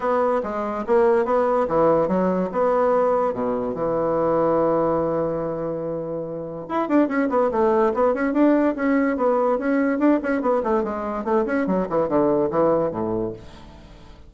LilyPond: \new Staff \with { instrumentName = "bassoon" } { \time 4/4 \tempo 4 = 144 b4 gis4 ais4 b4 | e4 fis4 b2 | b,4 e2.~ | e1 |
e'8 d'8 cis'8 b8 a4 b8 cis'8 | d'4 cis'4 b4 cis'4 | d'8 cis'8 b8 a8 gis4 a8 cis'8 | fis8 e8 d4 e4 a,4 | }